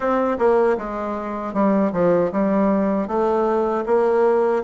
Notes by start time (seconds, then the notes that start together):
0.00 C4
0.38 A#3
0.77 G#3
1.53 G3
1.92 F3
2.32 G3
3.07 A3
3.85 A#3